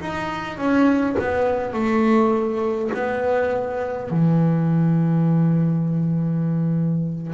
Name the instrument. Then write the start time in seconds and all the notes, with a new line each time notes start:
double bass
0.00 D#4
0.57 C#4
1.19 B3
1.73 A3
2.94 B3
4.10 E3